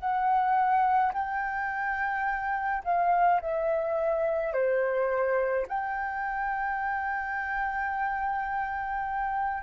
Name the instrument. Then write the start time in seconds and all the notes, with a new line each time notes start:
flute
0.00 F#5
1.14 G5
2.85 F5
3.41 E5
4.53 C5
5.69 G5